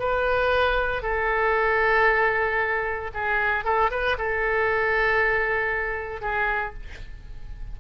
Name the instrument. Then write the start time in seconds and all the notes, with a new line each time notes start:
oboe
0.00 B4
1.02 A4
3.14 G#4
3.65 A4
3.91 B4
4.18 A4
6.22 G#4